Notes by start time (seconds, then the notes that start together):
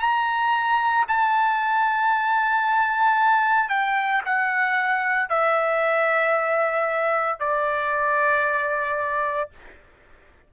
0.00 A#5
1.08 A5
3.69 G5
4.25 F#5
5.29 E5
7.39 D5